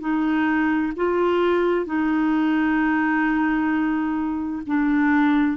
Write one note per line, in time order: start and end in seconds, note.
0.00 0.92 D#4
0.96 1.86 F4
1.86 4.63 D#4
4.66 5.57 D4